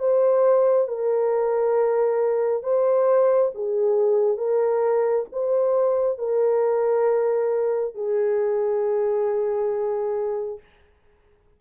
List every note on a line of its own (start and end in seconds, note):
0.00 0.88 C5
0.88 2.63 A#4
2.63 3.51 C5
3.55 4.38 G#4
4.38 5.26 A#4
5.33 6.18 C5
6.18 7.95 A#4
7.95 10.60 G#4